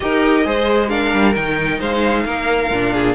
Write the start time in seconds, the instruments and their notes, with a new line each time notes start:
0.00 cello D#4, viola G4, violin A#4 D#5
0.44 cello G#3, viola G#4, violin C5
0.89 viola D4, violin A#4 F5
1.13 cello G3
1.35 cello D#3, viola D#4, violin G5
1.79 cello G#3, violin C5 F5
2.25 cello A#3, violin A#4
2.70 cello A#2, viola D4
2.93 violin G#4